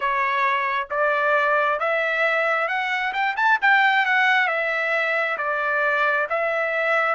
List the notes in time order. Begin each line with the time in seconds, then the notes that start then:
0.00 C#5
0.90 D5
1.79 E5
2.68 F#5
3.13 G5
3.36 A5
3.61 G5
4.05 F#5
4.47 E5
5.37 D5
6.29 E5